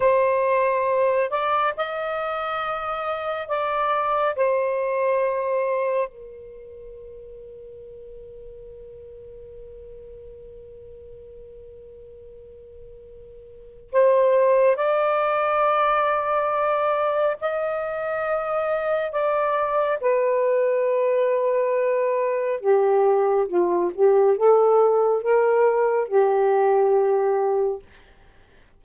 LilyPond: \new Staff \with { instrumentName = "saxophone" } { \time 4/4 \tempo 4 = 69 c''4. d''8 dis''2 | d''4 c''2 ais'4~ | ais'1~ | ais'1 |
c''4 d''2. | dis''2 d''4 b'4~ | b'2 g'4 f'8 g'8 | a'4 ais'4 g'2 | }